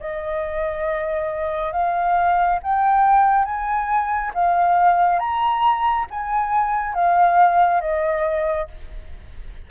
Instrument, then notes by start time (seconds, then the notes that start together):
flute
0.00 D#5
1.72 F5
2.62 G5
3.45 G#5
4.34 F5
5.19 A#5
6.10 G#5
6.94 F5
7.81 D#5